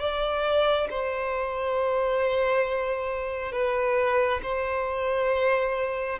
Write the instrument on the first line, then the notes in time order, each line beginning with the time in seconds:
violin
0.00 D5
0.91 C5
3.52 B4
4.43 C5